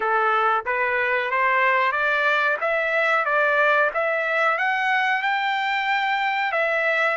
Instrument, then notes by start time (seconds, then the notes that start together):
trumpet
0.00 A4
0.65 B4
1.30 C5
1.92 D5
2.61 E5
3.25 D5
3.94 E5
4.57 F#5
5.22 G5
6.52 E5